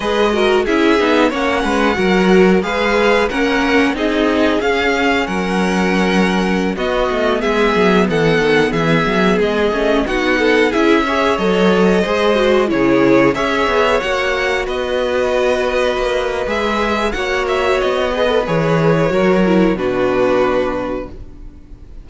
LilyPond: <<
  \new Staff \with { instrumentName = "violin" } { \time 4/4 \tempo 4 = 91 dis''4 e''4 fis''2 | f''4 fis''4 dis''4 f''4 | fis''2~ fis''16 dis''4 e''8.~ | e''16 fis''4 e''4 dis''4 fis''8.~ |
fis''16 e''4 dis''2 cis''8.~ | cis''16 e''4 fis''4 dis''4.~ dis''16~ | dis''4 e''4 fis''8 e''8 dis''4 | cis''2 b'2 | }
  \new Staff \with { instrumentName = "violin" } { \time 4/4 b'8 ais'8 gis'4 cis''8 b'8 ais'4 | b'4 ais'4 gis'2 | ais'2~ ais'16 fis'4 gis'8.~ | gis'16 a'4 gis'2 fis'8 a'16~ |
a'16 gis'8 cis''4. c''4 gis'8.~ | gis'16 cis''2 b'4.~ b'16~ | b'2 cis''4. b'8~ | b'4 ais'4 fis'2 | }
  \new Staff \with { instrumentName = "viola" } { \time 4/4 gis'8 fis'8 e'8 dis'8 cis'4 fis'4 | gis'4 cis'4 dis'4 cis'4~ | cis'2~ cis'16 b4.~ b16~ | b2~ b8. cis'8 dis'8.~ |
dis'16 e'8 gis'8 a'4 gis'8 fis'8 e'8.~ | e'16 gis'4 fis'2~ fis'8.~ | fis'4 gis'4 fis'4. gis'16 a'16 | gis'4 fis'8 e'8 d'2 | }
  \new Staff \with { instrumentName = "cello" } { \time 4/4 gis4 cis'8 b8 ais8 gis8 fis4 | gis4 ais4 c'4 cis'4 | fis2~ fis16 b8 a8 gis8 fis16~ | fis16 e8 dis8 e8 fis8 gis8 a8 b8.~ |
b16 cis'4 fis4 gis4 cis8.~ | cis16 cis'8 b8 ais4 b4.~ b16~ | b16 ais8. gis4 ais4 b4 | e4 fis4 b,2 | }
>>